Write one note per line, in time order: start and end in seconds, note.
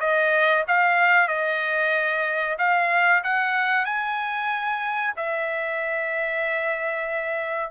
0.00 0.65 D#5
0.67 1.28 F5
1.28 2.57 D#5
2.58 3.23 F5
3.24 3.85 F#5
3.85 5.14 G#5
5.16 7.71 E5